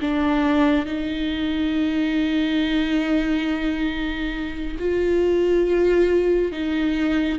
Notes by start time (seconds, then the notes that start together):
0.00 D4
0.85 D#4
4.79 F4
6.52 D#4